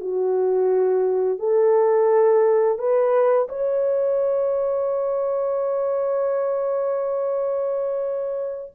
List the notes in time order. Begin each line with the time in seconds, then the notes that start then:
0.00 F#4
1.38 A4
2.78 B4
3.48 C#5